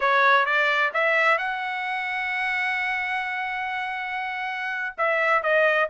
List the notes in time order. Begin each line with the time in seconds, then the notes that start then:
0.00 C#5
0.45 D5
0.93 E5
1.38 F#5
4.97 E5
5.42 D#5